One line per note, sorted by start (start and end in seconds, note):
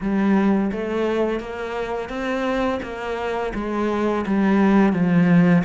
0.00 0.71 G3
0.72 1.39 A3
1.39 2.09 A#3
2.09 2.79 C4
2.82 3.53 A#3
3.54 4.25 G#3
4.26 4.92 G3
4.92 5.63 F3